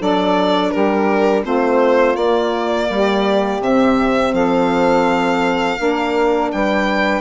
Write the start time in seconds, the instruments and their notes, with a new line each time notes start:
0.00 bassoon F#3, saxophone D4 A4, violin D5
0.71 bassoon G3, saxophone G4, violin A#4
1.42 bassoon A3, saxophone C4 F4, violin C5
2.16 bassoon A#3, saxophone A#3, violin D5
2.90 bassoon G3, saxophone G4
3.60 bassoon C3, saxophone C4, violin E5
4.33 bassoon F3, saxophone A4, violin F5
5.78 bassoon A#3, saxophone D4 A#4
6.52 bassoon G3, saxophone B4, violin G5